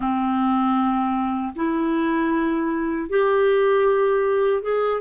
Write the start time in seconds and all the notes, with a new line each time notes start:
0.00 C4
1.55 E4
3.09 G4
4.62 G#4